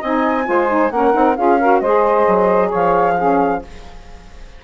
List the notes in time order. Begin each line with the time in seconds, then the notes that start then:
0.00 C4 D#4 D#5 G#5
0.45 G#3 F4 C5
0.68 D#4
0.91 A#3 C#4 A#4 F#5
1.13 C4 D#4
1.36 C#4 F4 G#4 F5
1.59 F#4 A#4
1.80 G#3 G#4 C5 D#5
2.27 F#3
2.69 F3 C#5 F5
3.17 C#4 G#4